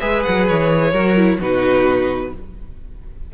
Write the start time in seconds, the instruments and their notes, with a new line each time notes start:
0.00 cello G#3, viola G#4, violin B4 E5
0.24 cello F#3, violin F#5
0.48 cello E3, violin C#5
0.91 cello F#3, viola F#4, violin A#4
1.17 viola E4
1.40 cello B2, viola D#4, violin F#4 B4